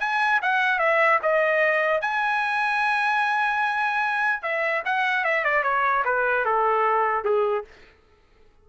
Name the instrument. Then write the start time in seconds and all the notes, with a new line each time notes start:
trumpet
0.00 G#5
0.42 F#5
0.79 E5
1.22 D#5
2.01 G#5
4.43 E5
4.85 F#5
5.24 E5
5.45 D5
5.63 C#5
6.05 B4
6.45 A4
7.24 G#4